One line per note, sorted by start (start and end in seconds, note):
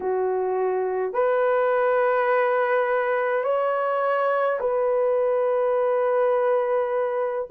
0.00 1.13 F#4
1.13 3.43 B4
3.43 4.58 C#5
4.59 7.48 B4